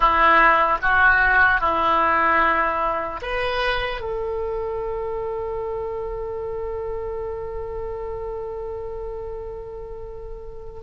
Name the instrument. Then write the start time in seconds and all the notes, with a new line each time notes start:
oboe
0.00 E4
0.82 F#4
1.60 E4
3.21 B4
4.00 A4